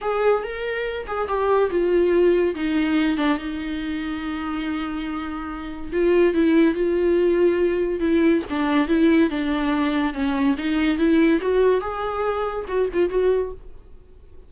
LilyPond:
\new Staff \with { instrumentName = "viola" } { \time 4/4 \tempo 4 = 142 gis'4 ais'4. gis'8 g'4 | f'2 dis'4. d'8 | dis'1~ | dis'2 f'4 e'4 |
f'2. e'4 | d'4 e'4 d'2 | cis'4 dis'4 e'4 fis'4 | gis'2 fis'8 f'8 fis'4 | }